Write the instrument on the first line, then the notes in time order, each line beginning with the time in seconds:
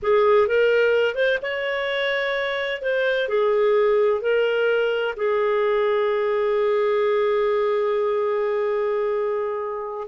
clarinet
0.02 G#4
0.47 A#4
1.15 C5
1.42 C#5
2.81 C5
3.28 G#4
4.21 A#4
5.16 G#4